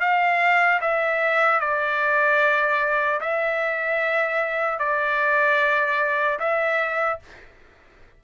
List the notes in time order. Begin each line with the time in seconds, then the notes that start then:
0.00 F5
0.81 E5
1.60 D5
3.20 E5
4.79 D5
6.39 E5